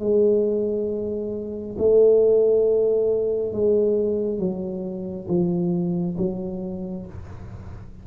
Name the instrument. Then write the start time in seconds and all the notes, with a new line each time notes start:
tuba
0.00 G#3
1.78 A3
3.53 G#3
4.39 F#3
5.28 F3
6.18 F#3